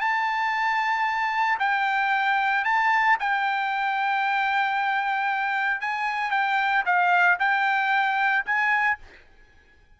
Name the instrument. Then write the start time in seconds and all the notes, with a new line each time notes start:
trumpet
0.00 A5
1.59 G5
2.64 A5
3.19 G5
5.80 G#5
6.30 G5
6.85 F5
7.39 G5
8.45 G#5